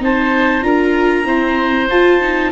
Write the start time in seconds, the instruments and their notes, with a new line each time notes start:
0.00 tuba C4, viola D#4, oboe C5, clarinet A5
0.62 tuba D4, viola F4, oboe A#4, clarinet A#5
1.25 viola C4, tuba E4, oboe C5
1.90 tuba F4, viola F4, clarinet A5
2.21 viola D#4